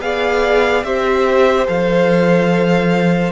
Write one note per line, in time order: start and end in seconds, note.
0.00 0.83 B3
0.00 0.85 G#4
0.00 0.86 D5
0.00 0.84 F5
0.84 1.67 C4
0.84 1.67 G4
0.84 3.32 C5
0.84 1.67 E5
1.67 3.32 F3
1.67 3.32 A4
1.67 3.32 F5